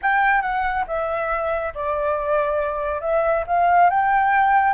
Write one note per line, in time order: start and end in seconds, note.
0.02 0.41 G5
0.41 0.84 F#5
0.87 1.73 E5
1.74 3.01 D5
3.01 3.44 E5
3.46 3.90 F5
3.90 4.73 G5